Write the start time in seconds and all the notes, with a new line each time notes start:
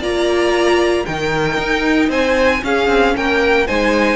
0.00 A#3 F4 D5 A#5
1.06 D#3 D#4 A#4 G5
1.58 D#4
2.09 C4 C5 G#5
2.62 C#4 G#4 F5
2.88 C4
3.16 A#3 A#4 G5
3.67 G#3 D#4 C5 G#5